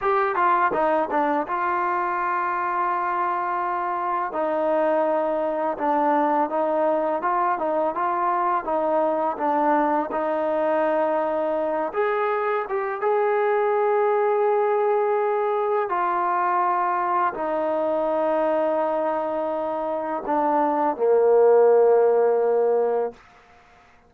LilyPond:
\new Staff \with { instrumentName = "trombone" } { \time 4/4 \tempo 4 = 83 g'8 f'8 dis'8 d'8 f'2~ | f'2 dis'2 | d'4 dis'4 f'8 dis'8 f'4 | dis'4 d'4 dis'2~ |
dis'8 gis'4 g'8 gis'2~ | gis'2 f'2 | dis'1 | d'4 ais2. | }